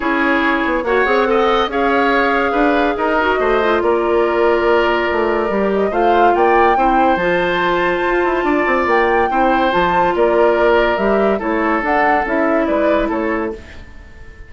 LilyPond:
<<
  \new Staff \with { instrumentName = "flute" } { \time 4/4 \tempo 4 = 142 cis''2 fis''2 | f''2. dis''4~ | dis''4 d''2.~ | d''4. dis''8 f''4 g''4~ |
g''4 a''2.~ | a''4 g''2 a''4 | d''2 e''4 cis''4 | fis''4 e''4 d''4 cis''4 | }
  \new Staff \with { instrumentName = "oboe" } { \time 4/4 gis'2 cis''4 dis''4 | cis''2 b'4 ais'4 | c''4 ais'2.~ | ais'2 c''4 d''4 |
c''1 | d''2 c''2 | ais'2. a'4~ | a'2 b'4 a'4 | }
  \new Staff \with { instrumentName = "clarinet" } { \time 4/4 e'2 fis'8 gis'8 a'4 | gis'2.~ gis'8 fis'8~ | fis'8 f'2.~ f'8~ | f'4 g'4 f'2 |
e'4 f'2.~ | f'2 e'4 f'4~ | f'2 g'4 e'4 | d'4 e'2. | }
  \new Staff \with { instrumentName = "bassoon" } { \time 4/4 cis'4. b8 ais8 c'4. | cis'2 d'4 dis'4 | a4 ais2. | a4 g4 a4 ais4 |
c'4 f2 f'8 e'8 | d'8 c'8 ais4 c'4 f4 | ais2 g4 a4 | d'4 cis'4 gis4 a4 | }
>>